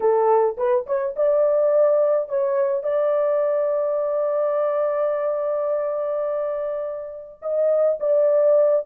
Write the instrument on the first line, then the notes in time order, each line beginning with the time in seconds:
horn
0.00 A4
0.57 B4
0.86 C#5
1.16 D5
2.28 C#5
2.83 D5
7.42 D#5
8.00 D5